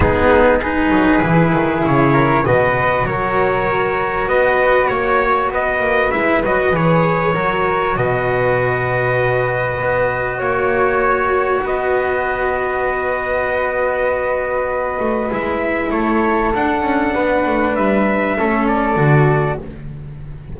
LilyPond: <<
  \new Staff \with { instrumentName = "trumpet" } { \time 4/4 \tempo 4 = 98 gis'4 b'2 cis''4 | dis''4 cis''2 dis''4 | cis''4 dis''4 e''8 dis''8 cis''4~ | cis''4 dis''2.~ |
dis''4 cis''2 dis''4~ | dis''1~ | dis''4 e''4 cis''4 fis''4~ | fis''4 e''4. d''4. | }
  \new Staff \with { instrumentName = "flute" } { \time 4/4 dis'4 gis'2~ gis'8 ais'8 | b'4 ais'2 b'4 | cis''4 b'2. | ais'4 b'2.~ |
b'4 cis''2 b'4~ | b'1~ | b'2 a'2 | b'2 a'2 | }
  \new Staff \with { instrumentName = "cello" } { \time 4/4 b4 dis'4 e'2 | fis'1~ | fis'2 e'8 fis'8 gis'4 | fis'1~ |
fis'1~ | fis'1~ | fis'4 e'2 d'4~ | d'2 cis'4 fis'4 | }
  \new Staff \with { instrumentName = "double bass" } { \time 4/4 gis4. fis8 e8 dis8 cis4 | b,4 fis2 b4 | ais4 b8 ais8 gis8 fis8 e4 | fis4 b,2. |
b4 ais2 b4~ | b1~ | b8 a8 gis4 a4 d'8 cis'8 | b8 a8 g4 a4 d4 | }
>>